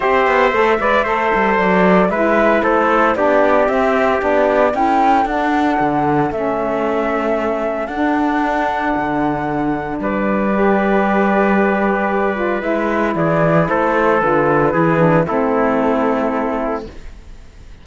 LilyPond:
<<
  \new Staff \with { instrumentName = "flute" } { \time 4/4 \tempo 4 = 114 e''2. d''4 | e''4 c''4 d''4 e''4 | d''4 g''4 fis''2 | e''2. fis''4~ |
fis''2. d''4~ | d''1 | e''4 d''4 c''4 b'4~ | b'4 a'2. | }
  \new Staff \with { instrumentName = "trumpet" } { \time 4/4 c''4. d''8 c''2 | b'4 a'4 g'2~ | g'4 a'2.~ | a'1~ |
a'2. b'4~ | b'1~ | b'4 gis'4 a'2 | gis'4 e'2. | }
  \new Staff \with { instrumentName = "saxophone" } { \time 4/4 g'4 a'8 b'8 a'2 | e'2 d'4 c'4 | d'4 e'4 d'2 | cis'2. d'4~ |
d'1 | g'2.~ g'8 f'8 | e'2. f'4 | e'8 d'8 c'2. | }
  \new Staff \with { instrumentName = "cello" } { \time 4/4 c'8 b8 a8 gis8 a8 g8 fis4 | gis4 a4 b4 c'4 | b4 cis'4 d'4 d4 | a2. d'4~ |
d'4 d2 g4~ | g1 | gis4 e4 a4 d4 | e4 a2. | }
>>